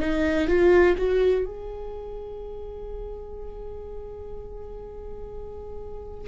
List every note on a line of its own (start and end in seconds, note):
0.00 0.48 D#4
0.48 0.96 F4
0.97 1.45 F#4
1.45 6.28 G#4